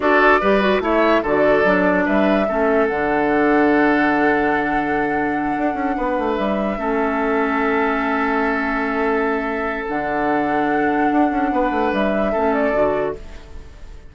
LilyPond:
<<
  \new Staff \with { instrumentName = "flute" } { \time 4/4 \tempo 4 = 146 d''2 e''4 d''4~ | d''4 e''2 fis''4~ | fis''1~ | fis''2.~ fis''8 e''8~ |
e''1~ | e''1 | fis''1~ | fis''4 e''4. d''4. | }
  \new Staff \with { instrumentName = "oboe" } { \time 4/4 a'4 b'4 cis''4 a'4~ | a'4 b'4 a'2~ | a'1~ | a'2~ a'8 b'4.~ |
b'8 a'2.~ a'8~ | a'1~ | a'1 | b'2 a'2 | }
  \new Staff \with { instrumentName = "clarinet" } { \time 4/4 fis'4 g'8 fis'8 e'4 fis'4 | d'2 cis'4 d'4~ | d'1~ | d'1~ |
d'8 cis'2.~ cis'8~ | cis'1 | d'1~ | d'2 cis'4 fis'4 | }
  \new Staff \with { instrumentName = "bassoon" } { \time 4/4 d'4 g4 a4 d4 | fis4 g4 a4 d4~ | d1~ | d4. d'8 cis'8 b8 a8 g8~ |
g8 a2.~ a8~ | a1 | d2. d'8 cis'8 | b8 a8 g4 a4 d4 | }
>>